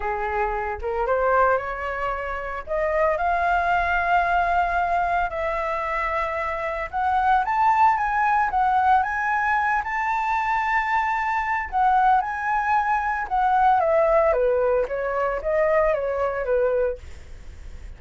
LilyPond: \new Staff \with { instrumentName = "flute" } { \time 4/4 \tempo 4 = 113 gis'4. ais'8 c''4 cis''4~ | cis''4 dis''4 f''2~ | f''2 e''2~ | e''4 fis''4 a''4 gis''4 |
fis''4 gis''4. a''4.~ | a''2 fis''4 gis''4~ | gis''4 fis''4 e''4 b'4 | cis''4 dis''4 cis''4 b'4 | }